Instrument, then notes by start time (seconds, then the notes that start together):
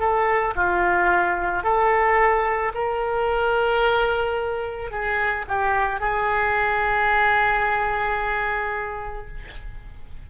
oboe
0.00 A4
0.56 F4
1.64 A4
2.75 A#4
4.91 G#4
5.48 G4
6.00 G#4